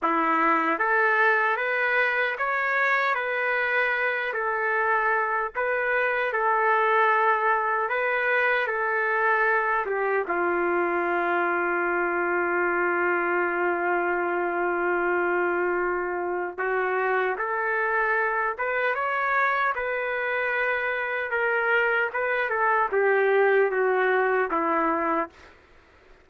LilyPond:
\new Staff \with { instrumentName = "trumpet" } { \time 4/4 \tempo 4 = 76 e'4 a'4 b'4 cis''4 | b'4. a'4. b'4 | a'2 b'4 a'4~ | a'8 g'8 f'2.~ |
f'1~ | f'4 fis'4 a'4. b'8 | cis''4 b'2 ais'4 | b'8 a'8 g'4 fis'4 e'4 | }